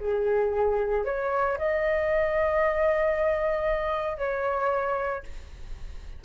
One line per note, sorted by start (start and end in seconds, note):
0.00 1.05 G#4
1.05 1.58 C#5
1.58 4.18 D#5
4.18 5.23 C#5